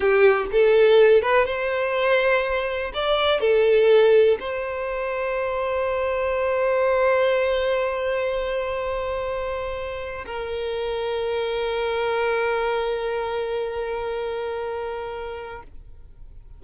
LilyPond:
\new Staff \with { instrumentName = "violin" } { \time 4/4 \tempo 4 = 123 g'4 a'4. b'8 c''4~ | c''2 d''4 a'4~ | a'4 c''2.~ | c''1~ |
c''1~ | c''4 ais'2.~ | ais'1~ | ais'1 | }